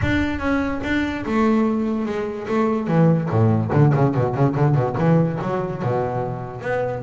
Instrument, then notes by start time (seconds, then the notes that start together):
double bass
0.02 D4
0.39 C#4
0.83 D4
1.25 A3
2.05 G#3
2.48 A3
2.87 E3
3.30 A2
3.72 D3
3.94 C#3
4.14 B2
4.34 C#3
4.55 D3
4.75 B2
4.98 E3
5.41 F#3
5.82 B2
6.61 B3